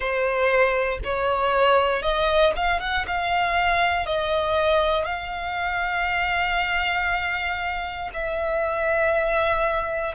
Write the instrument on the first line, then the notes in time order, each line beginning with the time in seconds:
violin
0.00 C5
1.04 C#5
2.02 D#5
2.56 F5
2.80 F#5
3.07 F5
4.05 D#5
5.05 F5
8.14 E5